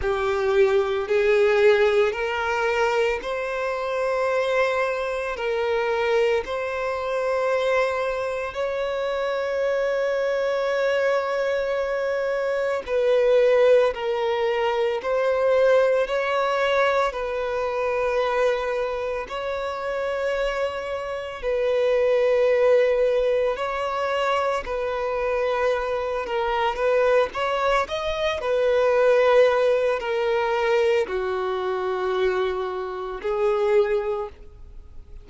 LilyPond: \new Staff \with { instrumentName = "violin" } { \time 4/4 \tempo 4 = 56 g'4 gis'4 ais'4 c''4~ | c''4 ais'4 c''2 | cis''1 | b'4 ais'4 c''4 cis''4 |
b'2 cis''2 | b'2 cis''4 b'4~ | b'8 ais'8 b'8 cis''8 dis''8 b'4. | ais'4 fis'2 gis'4 | }